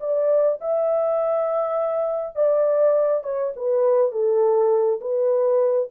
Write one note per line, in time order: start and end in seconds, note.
0.00 0.59 D5
0.61 2.36 E5
2.36 3.24 D5
3.24 3.53 C#5
3.56 4.12 B4
4.12 5.00 A4
5.01 5.89 B4